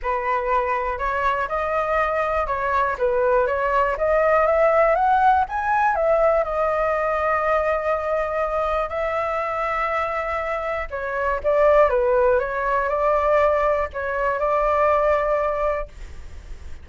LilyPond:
\new Staff \with { instrumentName = "flute" } { \time 4/4 \tempo 4 = 121 b'2 cis''4 dis''4~ | dis''4 cis''4 b'4 cis''4 | dis''4 e''4 fis''4 gis''4 | e''4 dis''2.~ |
dis''2 e''2~ | e''2 cis''4 d''4 | b'4 cis''4 d''2 | cis''4 d''2. | }